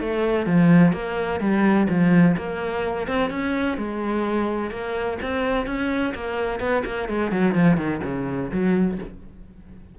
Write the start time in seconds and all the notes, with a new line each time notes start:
0.00 A3
0.46 F3
0.93 A#3
1.40 G3
1.89 F3
2.37 A#3
3.08 C4
3.30 C#4
3.77 G#3
4.71 A#3
5.22 C4
5.66 C#4
6.15 A#3
6.60 B3
6.85 A#3
7.08 G#3
7.32 F#3
7.55 F3
7.77 D#3
8.04 C#3
8.51 F#3